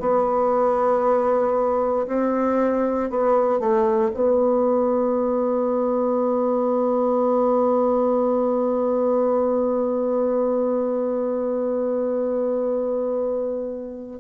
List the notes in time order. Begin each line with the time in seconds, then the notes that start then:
0.00 B3
2.07 C4
3.10 B3
3.60 A3
4.14 B3